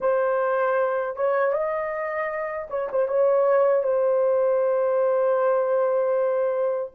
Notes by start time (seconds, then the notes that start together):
0.00 C5
1.16 C#5
1.52 D#5
2.70 C#5
2.91 C5
3.08 C#5
3.83 C5